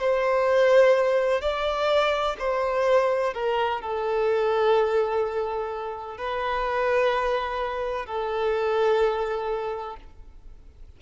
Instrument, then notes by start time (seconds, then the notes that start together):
violin
0.00 C5
1.41 D5
2.39 C5
3.33 A#4
3.81 A4
6.18 B4
8.06 A4